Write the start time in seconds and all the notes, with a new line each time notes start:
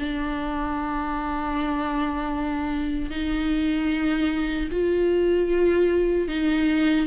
0.00 D4
3.11 D#4
4.72 F4
6.29 D#4